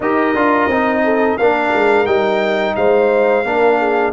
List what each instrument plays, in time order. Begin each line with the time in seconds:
0.00 tuba D#4, trombone G4, horn A#4, trumpet D#5
0.34 tuba D4, trombone F4
0.67 tuba C4, trombone D#4
1.03 horn A4
1.37 tuba A#3, trombone D4, horn A#4, trumpet F5
1.74 tuba G#3
2.06 tuba G3, trombone D#4, trumpet G5
2.75 tuba G#3, horn C5, trumpet F5
3.44 tuba A#3, trombone D4, horn A#4
3.79 horn G#4